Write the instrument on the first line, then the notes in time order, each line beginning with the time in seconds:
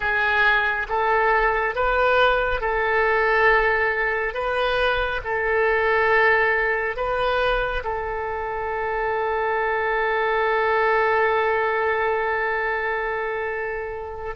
oboe
0.00 G#4
0.88 A4
1.75 B4
2.60 A4
4.34 B4
5.24 A4
6.96 B4
7.84 A4